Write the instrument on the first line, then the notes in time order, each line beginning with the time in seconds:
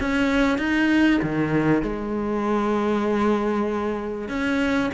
cello
0.00 C#4
0.58 D#4
1.22 D#3
1.83 G#3
4.28 C#4